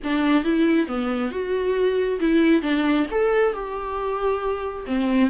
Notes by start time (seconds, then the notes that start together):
0.03 D4
0.44 E4
0.87 B3
1.31 F#4
2.20 E4
2.62 D4
3.11 A4
3.53 G4
4.86 C4